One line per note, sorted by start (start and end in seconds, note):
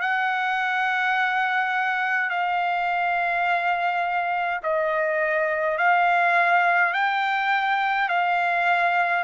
0.00 2.29 F#5
2.29 4.60 F5
4.63 5.77 D#5
5.77 6.93 F5
6.93 8.08 G5
8.08 9.24 F5